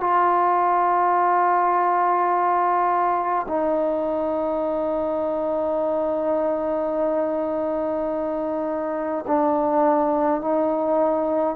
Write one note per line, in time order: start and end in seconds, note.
0.00 3.46 F4
3.48 9.25 D#4
9.27 10.41 D4
10.41 11.55 D#4